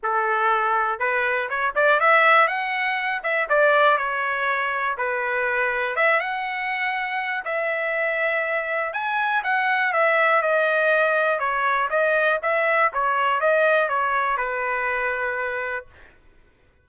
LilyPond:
\new Staff \with { instrumentName = "trumpet" } { \time 4/4 \tempo 4 = 121 a'2 b'4 cis''8 d''8 | e''4 fis''4. e''8 d''4 | cis''2 b'2 | e''8 fis''2~ fis''8 e''4~ |
e''2 gis''4 fis''4 | e''4 dis''2 cis''4 | dis''4 e''4 cis''4 dis''4 | cis''4 b'2. | }